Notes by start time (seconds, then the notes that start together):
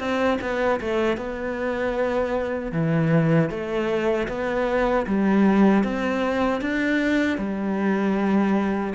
0.00 C4
0.41 B3
0.81 A3
1.18 B3
2.73 E3
3.50 A3
4.29 B3
5.07 G3
5.84 C4
6.62 D4
7.38 G3